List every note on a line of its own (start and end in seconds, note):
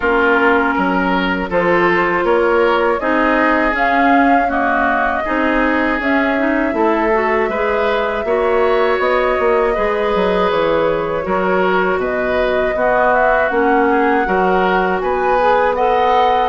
0.00 0.75 A#3
0.00 1.49 C#4
0.00 0.74 F4
0.00 1.48 A#4
0.75 1.50 F#3
0.75 1.49 A#4
1.49 2.23 F3
1.49 2.99 F4
1.49 2.24 A4
1.49 2.25 C5
2.23 2.98 A#3
2.23 3.00 A#4
2.23 2.99 C#5
2.99 3.73 C4
2.99 3.72 D#4
2.99 4.48 G#4
2.99 3.74 D#5
3.72 4.47 C#4
3.72 5.23 C#4
3.72 4.50 F5
4.48 5.23 A#3
4.48 5.23 F#4
4.48 6.00 D#5
5.24 5.99 C4
5.24 6.00 D#4
5.24 6.74 G#4
5.99 6.73 C#4
5.99 6.38 C#4
5.99 8.99 E5
6.38 6.71 D#4
6.71 7.48 A3
6.71 7.09 E4
6.71 7.49 A4
7.13 7.50 F#4
7.48 8.23 G#3
7.48 8.25 G#4
7.48 8.24 B4
8.24 8.99 A#3
8.24 9.74 F#4
8.24 9.74 C#5
8.99 9.36 B3
8.99 10.49 D#5
9.39 9.76 A#3
9.74 10.14 G#3
9.74 11.22 G#4
9.74 11.24 B4
10.14 10.51 F#3
10.50 11.25 E3
10.50 12.00 C#5
11.22 11.96 F#3
11.22 12.72 F#4
11.22 11.99 A#4
11.96 12.71 B2
11.96 12.74 B4
11.96 13.13 D#5
12.75 13.50 B3
12.75 13.88 F#4
13.13 13.48 E5
13.48 14.25 A#3
13.48 14.25 C#4
13.48 14.98 F#5
13.89 14.27 G#4
14.25 15.02 F#3
14.25 15.38 F#4
14.25 15.02 A#4
14.99 16.49 B3
14.99 15.75 B4
14.99 15.74 G#5
15.39 15.77 G#4
15.74 16.49 A4
15.74 16.49 D#5
15.74 16.49 F#5